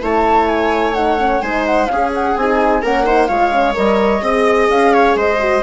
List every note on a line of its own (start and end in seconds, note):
0.00 1.41 A3
0.00 0.94 E4
0.00 1.42 C#5
0.00 0.47 A5
0.47 0.94 G#5
0.94 1.18 D#4
0.94 1.41 F#5
1.18 1.41 C#4
1.41 1.88 G#3
1.41 1.88 D#4
1.41 1.89 C5
1.41 1.65 G#5
1.66 1.86 F#5
1.86 2.34 C#4
1.86 2.36 C#4
1.86 2.82 G#4
1.86 2.10 F5
2.14 2.37 F#5
2.36 2.83 C4
2.36 2.83 D#4
2.36 2.84 G#5
2.82 3.29 A#3
2.82 3.04 C#4
2.82 3.05 A#4
2.82 3.27 F#5
3.04 3.28 D#4
3.04 3.28 C5
3.27 3.76 G#3
3.27 3.52 F4
3.27 4.22 C#5
3.27 3.74 F5
3.52 3.74 C#4
3.74 4.22 G3
3.74 4.21 A#4
3.74 4.69 D#5
4.22 4.69 C4
4.22 5.39 G#4
4.22 4.93 D#5
4.69 5.15 C#4
4.69 5.17 F5
4.93 5.17 C#5
5.15 5.62 G#3
5.15 5.63 C5
5.15 5.63 D#5
5.39 5.63 F#4